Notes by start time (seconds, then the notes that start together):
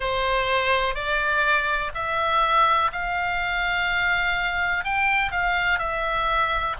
0.00 C5
0.95 D5
1.94 E5
2.92 F5
4.84 G5
5.31 F5
5.78 E5